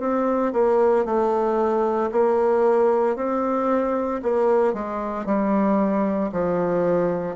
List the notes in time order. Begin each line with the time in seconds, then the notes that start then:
0.00 C4
0.53 A#3
1.06 A3
2.12 A#3
3.16 C4
4.22 A#3
4.74 G#3
5.26 G3
6.32 F3